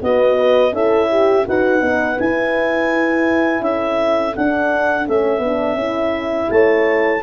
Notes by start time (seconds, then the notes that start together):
0.00 B3 F#4 D#5
0.37 B4
0.72 C#4 E4 A4 E5
1.10 G4
1.46 D#4 F#4 B4 F#5
1.80 B3 D#4
2.19 E4 G#5
3.61 C#4 A4 E5
4.35 D4 F#5
5.04 A3 C#4 E5
5.38 B3
5.44 D4
5.74 C#4 E4
6.50 A3 C#5 A5